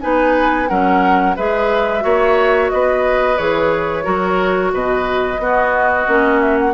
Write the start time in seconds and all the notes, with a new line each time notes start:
0.00 B3 D#4 B4 G#5
0.68 F#3 C#4 A#4 F#5
1.36 G#3 G#4 B4 E5
2.00 A#3 F#4 C#5
2.70 B3 B4 D#5
3.37 E3 G#4 C#5
4.03 F#3 F#4 A#4
4.72 B2 B4 D#5
5.38 B3 F#4
6.07 A#3 C#4
6.40 E5
6.58 F#5